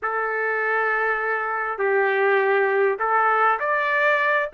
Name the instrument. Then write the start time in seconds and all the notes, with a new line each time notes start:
trumpet
0.02 A4
1.78 G4
2.99 A4
3.59 D5